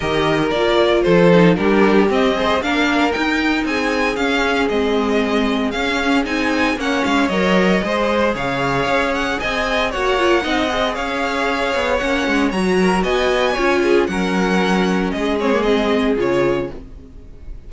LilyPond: <<
  \new Staff \with { instrumentName = "violin" } { \time 4/4 \tempo 4 = 115 dis''4 d''4 c''4 ais'4 | dis''4 f''4 g''4 gis''4 | f''4 dis''2 f''4 | gis''4 fis''8 f''8 dis''2 |
f''4. fis''8 gis''4 fis''4~ | fis''4 f''2 fis''4 | ais''4 gis''2 fis''4~ | fis''4 dis''8 cis''8 dis''4 cis''4 | }
  \new Staff \with { instrumentName = "violin" } { \time 4/4 ais'2 a'4 g'4~ | g'8 c''8 ais'2 gis'4~ | gis'1~ | gis'4 cis''2 c''4 |
cis''2 dis''4 cis''4 | dis''4 cis''2.~ | cis''8 ais'8 dis''4 cis''8 gis'8 ais'4~ | ais'4 gis'2. | }
  \new Staff \with { instrumentName = "viola" } { \time 4/4 g'4 f'4. dis'8 d'4 | c'8 gis'8 d'4 dis'2 | cis'4 c'2 cis'4 | dis'4 cis'4 ais'4 gis'4~ |
gis'2. fis'8 f'8 | dis'8 gis'2~ gis'8 cis'4 | fis'2 f'4 cis'4~ | cis'4. c'16 ais16 c'4 f'4 | }
  \new Staff \with { instrumentName = "cello" } { \time 4/4 dis4 ais4 f4 g4 | c'4 ais4 dis'4 c'4 | cis'4 gis2 cis'4 | c'4 ais8 gis8 fis4 gis4 |
cis4 cis'4 c'4 ais4 | c'4 cis'4. b8 ais8 gis8 | fis4 b4 cis'4 fis4~ | fis4 gis2 cis4 | }
>>